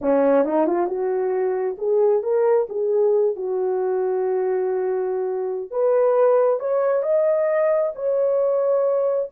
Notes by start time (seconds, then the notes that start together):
0.01 C#4
0.45 D#4
0.66 F4
0.86 F#4
1.78 G#4
2.22 A#4
2.69 G#4
3.36 F#4
5.70 B4
6.59 C#5
7.02 D#5
7.95 C#5